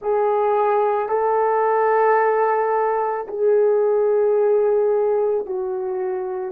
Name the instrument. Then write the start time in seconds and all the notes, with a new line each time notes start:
horn
0.01 G#4
1.09 A4
3.27 G#4
5.45 F#4